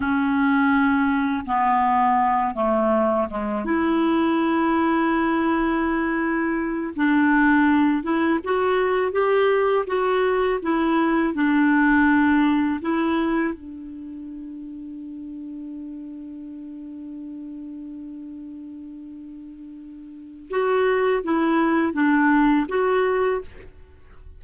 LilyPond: \new Staff \with { instrumentName = "clarinet" } { \time 4/4 \tempo 4 = 82 cis'2 b4. a8~ | a8 gis8 e'2.~ | e'4. d'4. e'8 fis'8~ | fis'8 g'4 fis'4 e'4 d'8~ |
d'4. e'4 d'4.~ | d'1~ | d'1 | fis'4 e'4 d'4 fis'4 | }